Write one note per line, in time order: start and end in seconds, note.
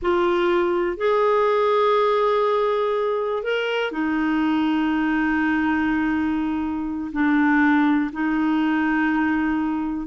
0.02 0.97 F4
0.97 3.43 G#4
3.43 3.91 A#4
3.91 7.11 D#4
7.12 8.10 D4
8.12 10.07 D#4